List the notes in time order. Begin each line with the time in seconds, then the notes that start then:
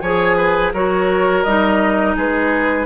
0.00 F3 G#4 C#5 G#5
0.36 B4
0.73 F#3 F#4 A#4 C#5
1.43 G3 D#4 D#5
2.16 G#3 G#4 B4